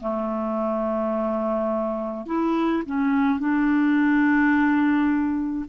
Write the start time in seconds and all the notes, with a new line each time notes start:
0.00 A3
2.26 E4
2.86 C#4
3.40 D4